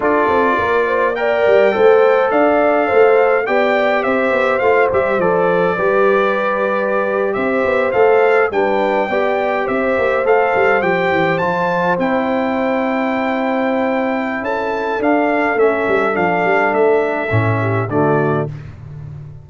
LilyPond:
<<
  \new Staff \with { instrumentName = "trumpet" } { \time 4/4 \tempo 4 = 104 d''2 g''2 | f''2 g''4 e''4 | f''8 e''8 d''2.~ | d''8. e''4 f''4 g''4~ g''16~ |
g''8. e''4 f''4 g''4 a''16~ | a''8. g''2.~ g''16~ | g''4 a''4 f''4 e''4 | f''4 e''2 d''4 | }
  \new Staff \with { instrumentName = "horn" } { \time 4/4 a'4 ais'8 c''8 d''4 c''4 | d''4 c''4 d''4 c''4~ | c''2 b'2~ | b'8. c''2 b'4 d''16~ |
d''8. c''2.~ c''16~ | c''1~ | c''4 a'2.~ | a'2~ a'8 g'8 fis'4 | }
  \new Staff \with { instrumentName = "trombone" } { \time 4/4 f'2 ais'4 a'4~ | a'2 g'2 | f'8 g'8 a'4 g'2~ | g'4.~ g'16 a'4 d'4 g'16~ |
g'4.~ g'16 a'4 g'4 f'16~ | f'8. e'2.~ e'16~ | e'2 d'4 cis'4 | d'2 cis'4 a4 | }
  \new Staff \with { instrumentName = "tuba" } { \time 4/4 d'8 c'8 ais4. g8 a4 | d'4 a4 b4 c'8 b8 | a8 g8 f4 g2~ | g8. c'8 b8 a4 g4 b16~ |
b8. c'8 ais8 a8 g8 f8 e8 f16~ | f8. c'2.~ c'16~ | c'4 cis'4 d'4 a8 g8 | f8 g8 a4 a,4 d4 | }
>>